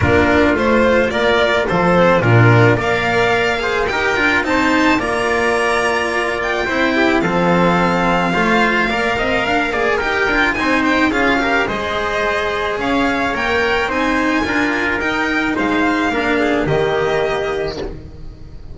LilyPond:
<<
  \new Staff \with { instrumentName = "violin" } { \time 4/4 \tempo 4 = 108 ais'4 c''4 d''4 c''4 | ais'4 f''2 g''4 | a''4 ais''2~ ais''8 g''8~ | g''4 f''2.~ |
f''2 g''4 gis''8 g''8 | f''4 dis''2 f''4 | g''4 gis''2 g''4 | f''2 dis''2 | }
  \new Staff \with { instrumentName = "trumpet" } { \time 4/4 f'2 ais'4 a'4 | f'4 d''4. c''8 ais'4 | c''4 d''2. | c''8 g'8 a'2 c''4 |
d''8 dis''8 f''8 d''8 ais'4 c''4 | gis'8 ais'8 c''2 cis''4~ | cis''4 c''4 ais'2 | c''4 ais'8 gis'8 g'2 | }
  \new Staff \with { instrumentName = "cello" } { \time 4/4 d'4 f'2~ f'8 c'8 | d'4 ais'4. gis'8 g'8 f'8 | dis'4 f'2. | e'4 c'2 f'4 |
ais'4. gis'8 g'8 f'8 dis'4 | f'8 g'8 gis'2. | ais'4 dis'4 f'4 dis'4~ | dis'4 d'4 ais2 | }
  \new Staff \with { instrumentName = "double bass" } { \time 4/4 ais4 a4 ais4 f4 | ais,4 ais2 dis'8 d'8 | c'4 ais2. | c'4 f2 a4 |
ais8 c'8 d'8 ais8 dis'8 d'8 c'4 | cis'4 gis2 cis'4 | ais4 c'4 d'4 dis'4 | gis4 ais4 dis2 | }
>>